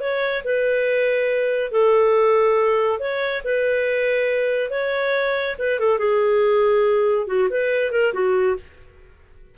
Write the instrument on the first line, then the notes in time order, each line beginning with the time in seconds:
clarinet
0.00 C#5
0.44 B4
1.71 A4
2.99 C#5
3.44 B4
4.70 C#5
5.59 B4
5.80 A4
5.98 G#4
7.27 F#4
7.50 B4
7.91 A#4
8.14 F#4